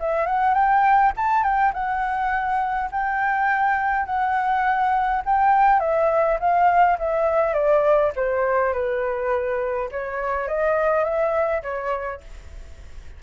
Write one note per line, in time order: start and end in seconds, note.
0.00 0.26 E5
0.26 0.55 F#5
0.55 1.13 G5
1.17 1.44 A5
1.44 1.73 G5
1.74 2.90 F#5
2.92 4.06 G5
4.06 5.22 F#5
5.26 5.80 G5
5.80 6.38 E5
6.40 6.98 F5
6.99 7.54 E5
7.54 8.12 D5
8.16 8.73 C5
8.73 9.90 B4
9.92 10.48 C#5
10.48 11.04 D#5
11.04 11.62 E5
11.63 12.21 C#5